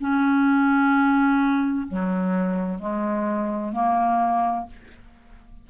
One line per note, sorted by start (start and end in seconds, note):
0.00 1.87 C#4
1.88 2.79 F#3
2.79 3.73 G#3
3.73 4.67 A#3